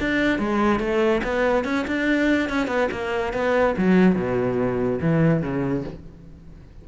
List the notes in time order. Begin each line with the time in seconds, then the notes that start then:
0.00 D4
0.39 G#3
0.80 A3
1.24 B3
1.65 C#4
1.87 D4
2.49 C#4
2.67 B3
2.91 A#3
3.33 B3
3.77 F#3
4.15 B2
5.01 E3
5.42 C#3